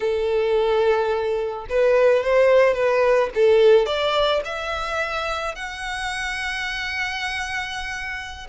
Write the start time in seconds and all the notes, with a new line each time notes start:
0.00 A4
1.69 B4
2.23 C5
2.74 B4
3.35 A4
3.85 D5
4.44 E5
5.55 F#5